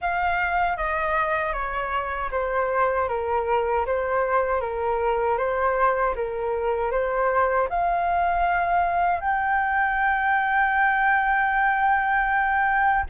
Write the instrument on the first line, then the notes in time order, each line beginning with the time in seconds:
flute
0.01 F5
0.77 D#5
1.52 C#5
2.31 C5
3.08 A#4
3.86 C5
4.60 A#4
5.37 C5
6.15 A#4
6.91 C5
7.69 F5
9.21 G5